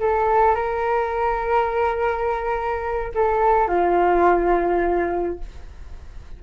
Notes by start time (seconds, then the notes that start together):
0.00 A4
0.56 A#4
3.15 A4
3.68 F4